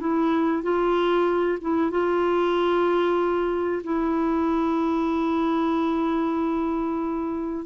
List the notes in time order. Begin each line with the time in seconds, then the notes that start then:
0.00 E4
0.63 F4
1.61 E4
1.91 F4
3.84 E4